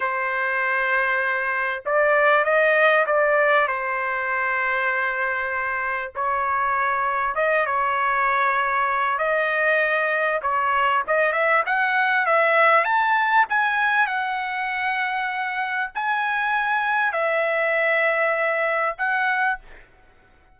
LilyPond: \new Staff \with { instrumentName = "trumpet" } { \time 4/4 \tempo 4 = 98 c''2. d''4 | dis''4 d''4 c''2~ | c''2 cis''2 | dis''8 cis''2~ cis''8 dis''4~ |
dis''4 cis''4 dis''8 e''8 fis''4 | e''4 a''4 gis''4 fis''4~ | fis''2 gis''2 | e''2. fis''4 | }